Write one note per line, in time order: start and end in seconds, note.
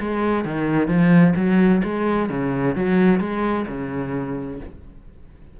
0.00 0.45 G#3
0.45 0.87 D#3
0.87 1.34 F3
1.36 1.82 F#3
1.84 2.29 G#3
2.29 2.75 C#3
2.75 3.20 F#3
3.20 3.66 G#3
3.68 4.60 C#3